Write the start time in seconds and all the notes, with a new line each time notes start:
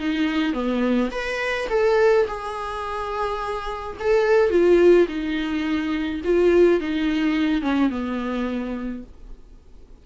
0.00 D#4
0.54 B3
1.12 B4
1.70 A4
2.28 G#4
4.00 A4
4.51 F4
5.09 D#4
6.25 F4
6.81 D#4
7.62 C#4
7.90 B3